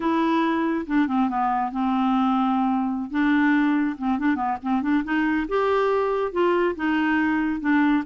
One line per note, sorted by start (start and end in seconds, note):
0.00 0.85 E4
0.86 1.07 D4
1.07 1.29 C4
1.29 1.71 B3
1.71 3.10 C4
3.10 3.96 D4
3.98 4.18 C4
4.18 4.35 D4
4.35 4.57 B3
4.62 4.82 C4
4.82 5.03 D4
5.04 5.46 D#4
5.48 6.32 G4
6.32 6.75 F4
6.75 7.60 D#4
7.60 8.03 D4